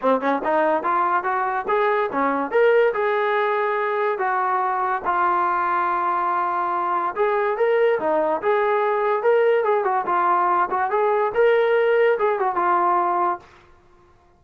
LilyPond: \new Staff \with { instrumentName = "trombone" } { \time 4/4 \tempo 4 = 143 c'8 cis'8 dis'4 f'4 fis'4 | gis'4 cis'4 ais'4 gis'4~ | gis'2 fis'2 | f'1~ |
f'4 gis'4 ais'4 dis'4 | gis'2 ais'4 gis'8 fis'8 | f'4. fis'8 gis'4 ais'4~ | ais'4 gis'8 fis'8 f'2 | }